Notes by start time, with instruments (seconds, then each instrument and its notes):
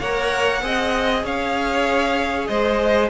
0.00 cello A#3, viola A#4, violin C#5 F#5
0.62 cello C4, viola G#4, violin D#5
1.24 cello C#4, violin C#5 F5
2.48 cello G#3, violin C5 D#5